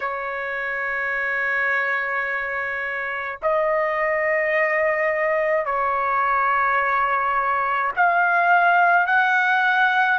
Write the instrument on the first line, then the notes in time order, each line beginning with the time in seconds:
trumpet
0.00 C#5
3.42 D#5
5.65 C#5
7.96 F5
9.06 F#5